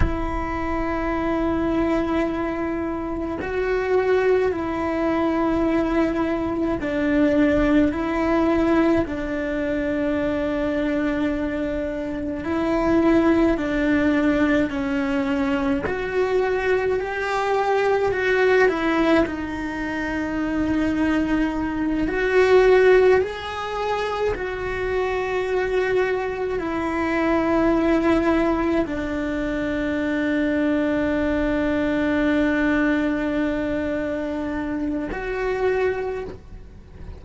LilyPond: \new Staff \with { instrumentName = "cello" } { \time 4/4 \tempo 4 = 53 e'2. fis'4 | e'2 d'4 e'4 | d'2. e'4 | d'4 cis'4 fis'4 g'4 |
fis'8 e'8 dis'2~ dis'8 fis'8~ | fis'8 gis'4 fis'2 e'8~ | e'4. d'2~ d'8~ | d'2. fis'4 | }